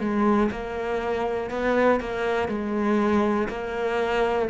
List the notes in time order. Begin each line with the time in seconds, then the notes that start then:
0.00 G#3
0.51 A#3
1.50 B3
2.00 A#3
2.48 G#3
3.49 A#3